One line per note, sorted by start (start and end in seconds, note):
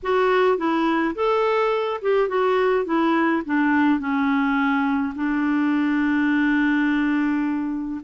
0.02 0.57 F#4
0.57 1.14 E4
1.15 2.00 A4
2.01 2.28 G4
2.28 2.85 F#4
2.85 3.42 E4
3.45 3.99 D4
3.99 5.13 C#4
5.15 8.00 D4